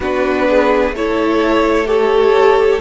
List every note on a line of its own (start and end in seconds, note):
0.00 0.91 B3
0.00 0.95 D4
0.00 0.47 F#4
0.00 0.95 B4
0.49 0.95 G#4
0.91 2.79 A3
0.91 1.86 E4
0.91 1.88 A4
0.91 1.87 C#5
1.86 2.79 G4
1.86 2.80 A4
1.86 2.80 C#5